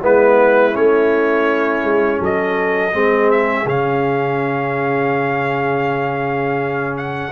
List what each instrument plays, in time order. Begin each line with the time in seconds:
0.00 tuba G#3, trombone B3, horn E4, trumpet B4
0.72 tuba A3, trombone C#4, trumpet C#5
1.83 tuba G#3
2.19 tuba F#3, horn A4, trumpet D#5
2.92 tuba G#3, trombone C4, horn G#4
3.30 trumpet E5
3.65 tuba C#3, trombone C#4, trumpet F5
6.97 trumpet F#5